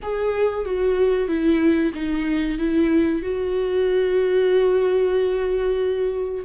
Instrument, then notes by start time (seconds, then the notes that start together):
viola
0.02 G#4
0.65 F#4
1.27 E4
1.94 D#4
2.58 E4
3.22 F#4